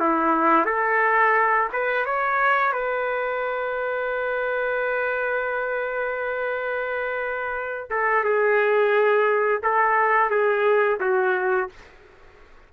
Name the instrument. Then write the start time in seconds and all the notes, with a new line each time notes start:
trumpet
0.00 E4
0.66 A4
1.73 B4
2.06 C#5
2.73 B4
7.90 A4
8.24 G#4
9.63 A4
10.30 G#4
11.01 F#4